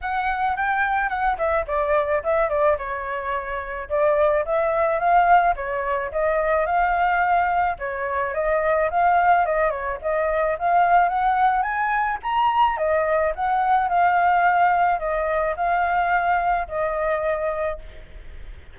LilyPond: \new Staff \with { instrumentName = "flute" } { \time 4/4 \tempo 4 = 108 fis''4 g''4 fis''8 e''8 d''4 | e''8 d''8 cis''2 d''4 | e''4 f''4 cis''4 dis''4 | f''2 cis''4 dis''4 |
f''4 dis''8 cis''8 dis''4 f''4 | fis''4 gis''4 ais''4 dis''4 | fis''4 f''2 dis''4 | f''2 dis''2 | }